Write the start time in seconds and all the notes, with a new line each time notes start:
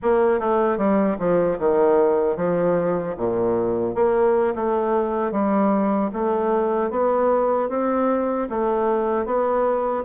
0.02 A#3
0.39 A3
0.77 G3
1.18 F3
1.58 D#3
2.36 F3
3.17 A#2
3.94 A#3
4.55 A3
5.31 G3
6.13 A3
6.90 B3
7.69 C4
8.49 A3
9.25 B3